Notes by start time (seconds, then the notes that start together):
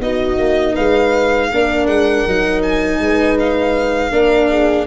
0.00 B3 D#4 F#4 D#5
0.38 A#3
0.74 G#3 B4 F5
1.50 A#3 D4 A#4
1.87 G#3 F#5
2.27 F#3 D#4
2.62 G#5
2.99 G#3 B4
3.39 F5
4.12 A#3 D4 A#4
4.50 G#4